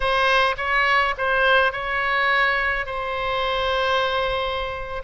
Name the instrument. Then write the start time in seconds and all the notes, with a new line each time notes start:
oboe
0.00 C5
0.57 C#5
1.17 C5
1.72 C#5
2.86 C5